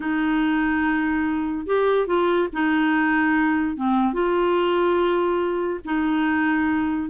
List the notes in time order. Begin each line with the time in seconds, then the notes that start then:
0.00 D#4
1.66 G4
2.06 F4
2.52 D#4
3.76 C4
4.13 F4
5.84 D#4